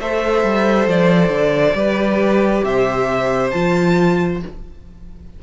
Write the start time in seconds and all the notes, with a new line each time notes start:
0.00 A3 A4 C5 E5
0.44 G3
0.88 F3 D5
1.29 D3
1.74 G3 G4 B4
2.64 C3 C5 E5
3.51 F3 F4 A5